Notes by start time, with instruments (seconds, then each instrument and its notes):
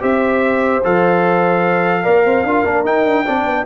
0.00 tuba C4, trombone G4, horn C5, trumpet E5
0.84 tuba F3, trombone A4, trumpet F5
2.03 tuba A#3, trombone A#4, horn D5
2.25 tuba C4, horn C5
2.43 tuba D4, trombone F4, horn A#4
2.64 tuba A#3, trombone D4
2.84 tuba D#4, trombone D#4, trumpet G5
3.04 tuba D4
3.24 tuba C4, trombone D4, horn D5
3.45 tuba B3